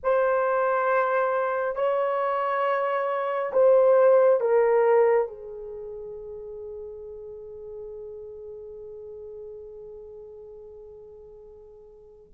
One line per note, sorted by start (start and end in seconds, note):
0.03 1.75 C5
1.75 3.52 C#5
3.53 4.40 C5
4.40 5.27 A#4
5.27 12.33 G#4